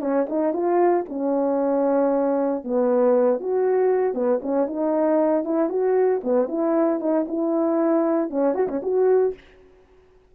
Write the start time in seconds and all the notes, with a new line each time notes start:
0.00 C#4
0.29 D#4
0.53 F4
1.08 C#4
2.64 B3
3.40 F#4
4.14 B3
4.42 C#4
4.66 D#4
5.44 E4
5.69 F#4
6.23 B3
6.48 E4
7.00 D#4
7.28 E4
8.30 C#4
8.54 F#4
8.68 C#4
8.82 F#4